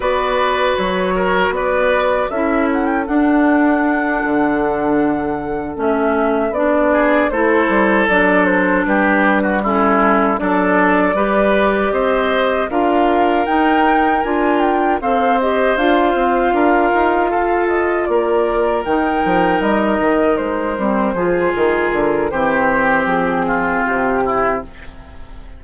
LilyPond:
<<
  \new Staff \with { instrumentName = "flute" } { \time 4/4 \tempo 4 = 78 d''4 cis''4 d''4 e''8 fis''16 g''16 | fis''2.~ fis''8 e''8~ | e''8 d''4 c''4 d''8 c''8 b'8~ | b'8 a'4 d''2 dis''8~ |
dis''8 f''4 g''4 gis''8 g''8 f''8 | dis''8 f''2~ f''8 dis''8 d''8~ | d''8 g''4 dis''4 c''4. | ais'4 c''4 gis'4 g'4 | }
  \new Staff \with { instrumentName = "oboe" } { \time 4/4 b'4. ais'8 b'4 a'4~ | a'1~ | a'4 gis'8 a'2 g'8~ | g'16 fis'16 e'4 a'4 b'4 c''8~ |
c''8 ais'2. c''8~ | c''4. ais'4 a'4 ais'8~ | ais'2.~ ais'8 gis'8~ | gis'4 g'4. f'4 e'8 | }
  \new Staff \with { instrumentName = "clarinet" } { \time 4/4 fis'2. e'4 | d'2.~ d'8 cis'8~ | cis'8 d'4 e'4 d'4.~ | d'8 cis'4 d'4 g'4.~ |
g'8 f'4 dis'4 f'4 a'8 | g'8 f'2.~ f'8~ | f'8 dis'2~ dis'8 c'8 f'8~ | f'4 c'2. | }
  \new Staff \with { instrumentName = "bassoon" } { \time 4/4 b4 fis4 b4 cis'4 | d'4. d2 a8~ | a8 b4 a8 g8 fis4 g8~ | g4. fis4 g4 c'8~ |
c'8 d'4 dis'4 d'4 c'8~ | c'8 d'8 c'8 d'8 dis'8 f'4 ais8~ | ais8 dis8 f8 g8 dis8 gis8 g8 f8 | dis8 d8 e4 f4 c4 | }
>>